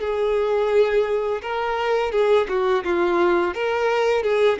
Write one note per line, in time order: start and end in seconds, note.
0.00 1.41 G#4
1.42 2.12 A#4
2.12 2.47 G#4
2.48 2.84 F#4
2.84 3.54 F4
3.54 4.23 A#4
4.23 4.59 G#4